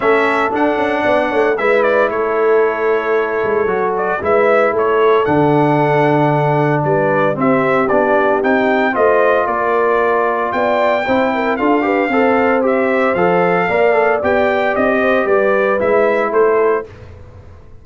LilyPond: <<
  \new Staff \with { instrumentName = "trumpet" } { \time 4/4 \tempo 4 = 114 e''4 fis''2 e''8 d''8 | cis''2.~ cis''8 d''8 | e''4 cis''4 fis''2~ | fis''4 d''4 e''4 d''4 |
g''4 dis''4 d''2 | g''2 f''2 | e''4 f''2 g''4 | dis''4 d''4 e''4 c''4 | }
  \new Staff \with { instrumentName = "horn" } { \time 4/4 a'2 d''8 cis''8 b'4 | a'1 | b'4 a'2.~ | a'4 b'4 g'2~ |
g'4 c''4 ais'2 | d''4 c''8 ais'8 a'8 b'8 c''4~ | c''2 d''2~ | d''8 c''8 b'2 a'4 | }
  \new Staff \with { instrumentName = "trombone" } { \time 4/4 cis'4 d'2 e'4~ | e'2. fis'4 | e'2 d'2~ | d'2 c'4 d'4 |
dis'4 f'2.~ | f'4 e'4 f'8 g'8 a'4 | g'4 a'4 ais'8 a'8 g'4~ | g'2 e'2 | }
  \new Staff \with { instrumentName = "tuba" } { \time 4/4 a4 d'8 cis'8 b8 a8 gis4 | a2~ a8 gis8 fis4 | gis4 a4 d2~ | d4 g4 c'4 b4 |
c'4 a4 ais2 | b4 c'4 d'4 c'4~ | c'4 f4 ais4 b4 | c'4 g4 gis4 a4 | }
>>